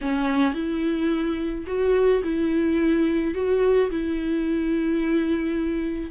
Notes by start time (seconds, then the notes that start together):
0.01 C#4
0.54 E4
1.66 F#4
2.23 E4
3.34 F#4
3.90 E4